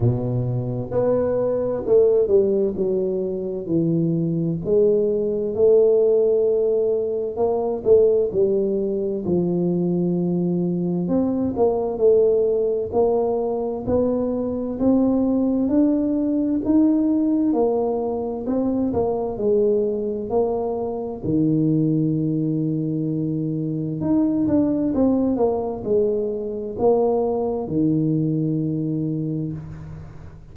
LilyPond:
\new Staff \with { instrumentName = "tuba" } { \time 4/4 \tempo 4 = 65 b,4 b4 a8 g8 fis4 | e4 gis4 a2 | ais8 a8 g4 f2 | c'8 ais8 a4 ais4 b4 |
c'4 d'4 dis'4 ais4 | c'8 ais8 gis4 ais4 dis4~ | dis2 dis'8 d'8 c'8 ais8 | gis4 ais4 dis2 | }